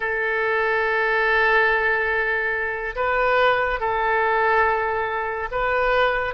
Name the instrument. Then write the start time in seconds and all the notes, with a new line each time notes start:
oboe
0.00 A4
2.95 B4
3.80 A4
5.51 B4